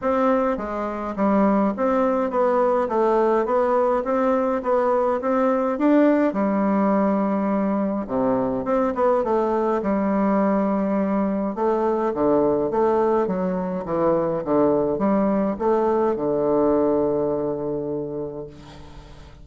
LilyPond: \new Staff \with { instrumentName = "bassoon" } { \time 4/4 \tempo 4 = 104 c'4 gis4 g4 c'4 | b4 a4 b4 c'4 | b4 c'4 d'4 g4~ | g2 c4 c'8 b8 |
a4 g2. | a4 d4 a4 fis4 | e4 d4 g4 a4 | d1 | }